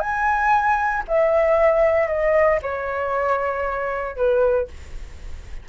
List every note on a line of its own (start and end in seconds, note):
0.00 1.03 G#5
1.08 2.08 E5
2.08 2.59 D#5
2.62 4.16 C#5
4.16 4.68 B4